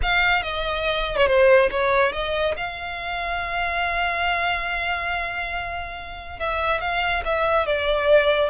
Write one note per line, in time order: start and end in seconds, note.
0.02 0.42 F5
0.42 1.16 D#5
1.16 1.27 C#5
1.27 1.69 C5
1.70 2.12 C#5
2.12 2.55 D#5
2.56 6.39 F5
6.39 6.80 E5
6.80 7.23 F5
7.24 7.66 E5
7.66 8.49 D5